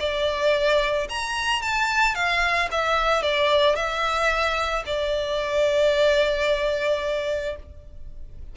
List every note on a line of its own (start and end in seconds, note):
0.00 1.08 D5
1.09 1.62 A#5
1.62 2.15 A5
2.15 2.69 F5
2.71 3.23 E5
3.23 3.76 D5
3.76 4.84 E5
4.86 7.57 D5